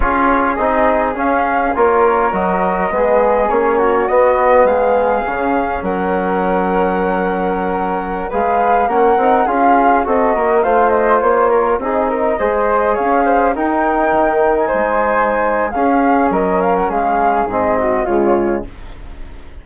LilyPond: <<
  \new Staff \with { instrumentName = "flute" } { \time 4/4 \tempo 4 = 103 cis''4 dis''4 f''4 cis''4 | dis''2 cis''4 dis''4 | f''2 fis''2~ | fis''2~ fis''16 f''4 fis''8.~ |
fis''16 f''4 dis''4 f''8 dis''8 cis''8.~ | cis''16 dis''2 f''4 g''8.~ | g''4 gis''2 f''4 | dis''8 f''16 fis''16 f''4 dis''4 cis''4 | }
  \new Staff \with { instrumentName = "flute" } { \time 4/4 gis'2. ais'4~ | ais'4 gis'4. fis'4. | gis'2 ais'2~ | ais'2~ ais'16 b'4 ais'8.~ |
ais'16 gis'4 a'8 ais'8 c''4. ais'16~ | ais'16 gis'8 ais'8 c''4 cis''8 c''8 ais'8.~ | ais'4~ ais'16 c''4.~ c''16 gis'4 | ais'4 gis'4. fis'8 f'4 | }
  \new Staff \with { instrumentName = "trombone" } { \time 4/4 f'4 dis'4 cis'4 f'4 | fis'4 b4 cis'4 b4~ | b4 cis'2.~ | cis'2~ cis'16 gis'4 cis'8 dis'16~ |
dis'16 f'4 fis'4 f'4.~ f'16~ | f'16 dis'4 gis'2 dis'8.~ | dis'2. cis'4~ | cis'2 c'4 gis4 | }
  \new Staff \with { instrumentName = "bassoon" } { \time 4/4 cis'4 c'4 cis'4 ais4 | fis4 gis4 ais4 b4 | gis4 cis4 fis2~ | fis2~ fis16 gis4 ais8 c'16~ |
c'16 cis'4 c'8 ais8 a4 ais8.~ | ais16 c'4 gis4 cis'4 dis'8.~ | dis'16 dis4 gis4.~ gis16 cis'4 | fis4 gis4 gis,4 cis4 | }
>>